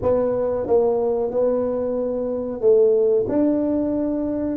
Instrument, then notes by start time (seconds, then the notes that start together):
tuba
0.01 B3
0.66 A#3
1.30 B3
2.60 A3
3.28 D4